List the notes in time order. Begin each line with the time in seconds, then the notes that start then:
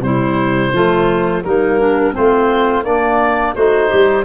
0.00 C3 G3 E4 C5
0.73 F3 A3 F4
1.44 G3 A#3 D#4 A#4
1.80 D4
2.13 A3 C4 F4 C5
2.84 A#3 D4 D5
3.55 A3 D#4 F#4 C5
3.88 G3 G4